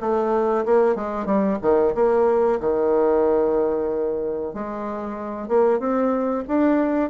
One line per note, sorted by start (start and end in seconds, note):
0.00 0.65 A3
0.65 0.95 A#3
0.95 1.26 G#3
1.26 1.58 G3
1.62 1.94 D#3
1.94 2.59 A#3
2.60 4.54 D#3
4.54 5.48 G#3
5.48 5.79 A#3
5.79 6.44 C4
6.47 7.10 D4